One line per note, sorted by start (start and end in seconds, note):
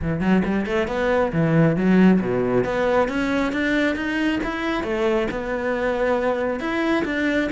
0.02 0.20 E3
0.20 0.42 F#3
0.45 0.65 G3
0.65 0.87 A3
0.87 1.31 B3
1.32 1.76 E3
1.76 2.20 F#3
2.20 2.64 B2
2.64 3.08 B3
3.08 3.52 C#4
3.52 3.95 D4
3.95 4.39 D#4
4.43 4.83 E4
4.83 5.27 A3
5.30 6.60 B3
6.60 7.04 E4
7.04 7.49 D4